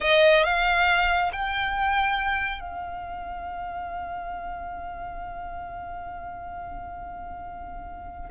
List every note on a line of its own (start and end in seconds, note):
0.00 0.43 D#5
0.43 1.31 F5
1.32 2.60 G5
2.60 8.30 F5